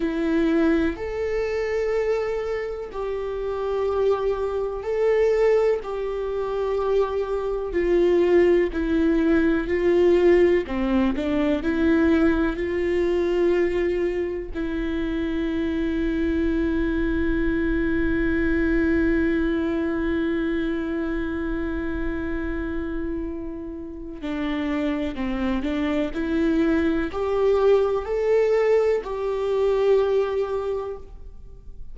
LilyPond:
\new Staff \with { instrumentName = "viola" } { \time 4/4 \tempo 4 = 62 e'4 a'2 g'4~ | g'4 a'4 g'2 | f'4 e'4 f'4 c'8 d'8 | e'4 f'2 e'4~ |
e'1~ | e'1~ | e'4 d'4 c'8 d'8 e'4 | g'4 a'4 g'2 | }